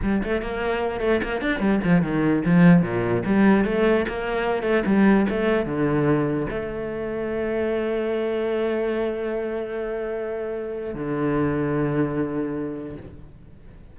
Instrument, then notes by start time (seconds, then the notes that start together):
cello
0.02 G3
0.23 A3
0.41 A#3
1.00 A3
1.23 A#3
1.41 D4
1.59 G3
1.84 F3
2.02 D#3
2.45 F3
2.82 A#2
3.25 G3
3.64 A3
4.08 A#3
4.63 A3
4.85 G3
5.29 A3
5.65 D3
6.50 A3
10.94 D3